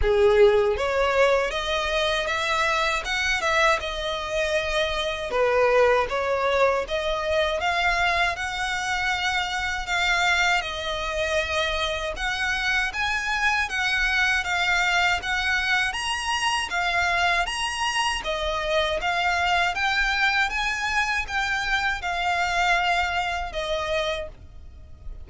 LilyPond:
\new Staff \with { instrumentName = "violin" } { \time 4/4 \tempo 4 = 79 gis'4 cis''4 dis''4 e''4 | fis''8 e''8 dis''2 b'4 | cis''4 dis''4 f''4 fis''4~ | fis''4 f''4 dis''2 |
fis''4 gis''4 fis''4 f''4 | fis''4 ais''4 f''4 ais''4 | dis''4 f''4 g''4 gis''4 | g''4 f''2 dis''4 | }